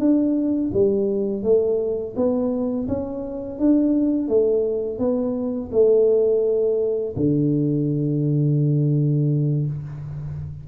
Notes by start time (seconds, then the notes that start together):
0.00 D4
0.74 G3
1.44 A3
2.17 B3
2.88 C#4
3.60 D4
4.29 A3
4.99 B3
5.72 A3
7.17 D3